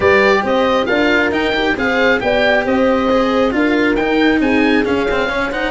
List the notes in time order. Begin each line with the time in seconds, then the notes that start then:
0.00 G3 G4 B4 D5
0.43 C4 C5 D#5
0.85 D4 F4 A#4 F5
1.31 D#4 G5
1.53 G4
1.76 C4 G#4 C5 F5
2.20 B3 G4 D5 G5
2.65 C4 C5 D#5
3.09 G#4
3.51 D4 F4 A#4 F5
3.95 D#4 G5
4.40 C4 G#4 G#5
4.84 C#4 F5
5.10 C4
5.29 C#4 C#5
5.50 D#4 C5 F#5